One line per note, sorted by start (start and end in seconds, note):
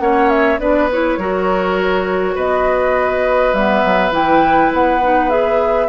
0.00 0.59 A#3
0.00 0.59 C#4
0.00 0.61 C#5
0.00 0.30 F#5
0.30 0.59 E5
0.59 1.18 B3
0.59 0.89 D4
0.59 1.19 B4
0.59 0.90 D5
0.92 1.20 E4
0.92 2.38 C#5
1.18 2.36 F#3
1.18 3.55 F#4
1.18 2.35 A#4
2.35 3.54 B3
2.35 5.88 B4
2.35 3.55 D#5
3.54 3.83 G3
3.54 4.12 B3
3.54 4.13 E5
3.85 4.11 F#3
4.11 4.70 E3
4.11 5.00 E4
4.11 4.73 G5
4.73 5.89 B3
4.73 5.30 F#5
5.03 5.30 D#4
5.30 5.89 G#4
5.30 5.89 E5